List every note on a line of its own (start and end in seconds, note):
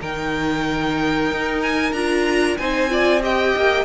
0.00 1.31 D#3
0.00 1.94 D#4
0.00 2.58 A#4
0.00 1.62 G5
1.31 1.92 D#4
1.62 1.92 G#5
1.92 2.57 D4
1.92 2.59 F4
1.92 2.57 A#5
2.57 3.55 C4
2.57 2.89 D#4
2.57 2.91 C5
2.57 3.22 G#5
2.89 3.21 F4
2.89 3.23 D5
3.22 3.85 G4
3.22 3.85 D#5
3.22 3.85 G5
3.56 3.85 A#3